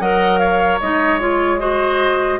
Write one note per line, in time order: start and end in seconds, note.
0.00 0.80 F#3
0.00 0.82 A#4
0.00 0.40 D#5
0.00 0.39 F#5
0.39 1.60 C#5
0.39 0.79 F5
0.81 2.40 G#3
0.81 1.20 D#4
0.81 1.21 D#5
1.20 1.59 F4
1.20 1.60 C#5
1.59 2.39 F#4
1.59 2.40 C5
1.59 2.40 D#5